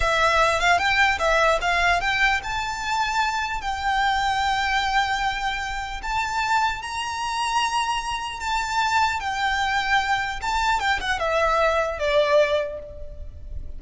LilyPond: \new Staff \with { instrumentName = "violin" } { \time 4/4 \tempo 4 = 150 e''4. f''8 g''4 e''4 | f''4 g''4 a''2~ | a''4 g''2.~ | g''2. a''4~ |
a''4 ais''2.~ | ais''4 a''2 g''4~ | g''2 a''4 g''8 fis''8 | e''2 d''2 | }